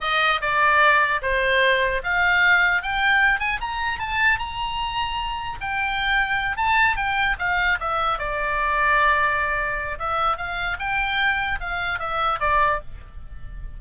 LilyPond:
\new Staff \with { instrumentName = "oboe" } { \time 4/4 \tempo 4 = 150 dis''4 d''2 c''4~ | c''4 f''2 g''4~ | g''8 gis''8 ais''4 a''4 ais''4~ | ais''2 g''2~ |
g''8 a''4 g''4 f''4 e''8~ | e''8 d''2.~ d''8~ | d''4 e''4 f''4 g''4~ | g''4 f''4 e''4 d''4 | }